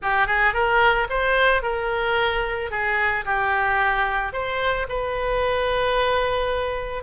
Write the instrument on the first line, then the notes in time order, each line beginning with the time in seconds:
oboe
0.02 G4
0.26 G#4
0.53 A#4
1.09 C5
1.62 A#4
2.71 G#4
3.25 G4
4.32 C5
4.88 B4